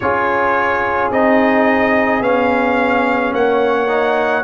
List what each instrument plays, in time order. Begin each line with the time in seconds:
0.00 tuba C#4, trombone F4, horn G#4, trumpet C#5
1.10 tuba C4, trombone D#4, trumpet D#5
2.20 tuba B3, trombone C#4, trumpet F5
3.32 tuba A#3, horn C#5, trumpet F#5
3.87 trombone D#4